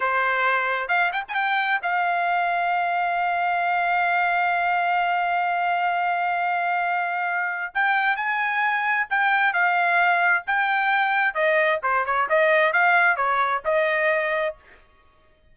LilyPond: \new Staff \with { instrumentName = "trumpet" } { \time 4/4 \tempo 4 = 132 c''2 f''8 g''16 gis''16 g''4 | f''1~ | f''1~ | f''1~ |
f''4 g''4 gis''2 | g''4 f''2 g''4~ | g''4 dis''4 c''8 cis''8 dis''4 | f''4 cis''4 dis''2 | }